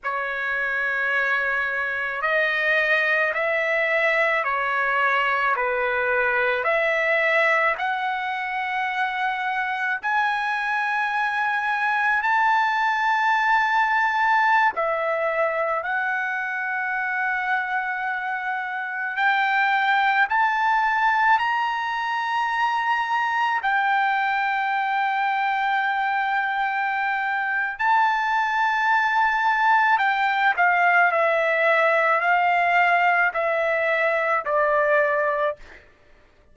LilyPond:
\new Staff \with { instrumentName = "trumpet" } { \time 4/4 \tempo 4 = 54 cis''2 dis''4 e''4 | cis''4 b'4 e''4 fis''4~ | fis''4 gis''2 a''4~ | a''4~ a''16 e''4 fis''4.~ fis''16~ |
fis''4~ fis''16 g''4 a''4 ais''8.~ | ais''4~ ais''16 g''2~ g''8.~ | g''4 a''2 g''8 f''8 | e''4 f''4 e''4 d''4 | }